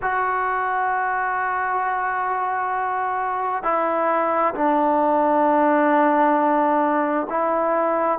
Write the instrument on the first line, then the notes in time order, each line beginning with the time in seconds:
trombone
0.02 F#4
3.63 E4
4.54 D4
7.29 E4